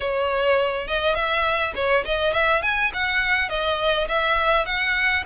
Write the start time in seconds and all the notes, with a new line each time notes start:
0.00 C#5
0.87 D#5
1.14 E5
1.75 C#5
2.05 D#5
2.33 E5
2.62 G#5
2.93 F#5
3.49 D#5
4.08 E5
4.65 F#5